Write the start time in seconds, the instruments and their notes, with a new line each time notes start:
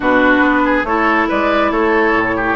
0.00 bassoon B2, clarinet D4, oboe F#4, flute B4
0.40 bassoon B3
0.64 oboe G#4
0.83 bassoon A3, clarinet E4, oboe A4, flute C#5
1.28 bassoon G#3, oboe B4, flute D5
1.70 bassoon A3, oboe A4, flute C#5
2.12 bassoon A2
2.36 oboe G4